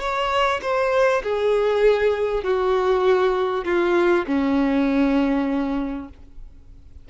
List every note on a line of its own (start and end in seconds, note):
0.00 0.61 C#5
0.62 1.22 C5
1.23 2.44 G#4
2.44 3.65 F#4
3.65 4.26 F4
4.27 6.09 C#4